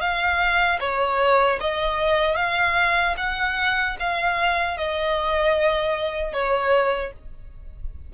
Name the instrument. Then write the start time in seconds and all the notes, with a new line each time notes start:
violin
0.00 F5
0.80 C#5
1.60 D#5
2.36 F5
3.17 F#5
3.99 F5
4.77 D#5
6.33 C#5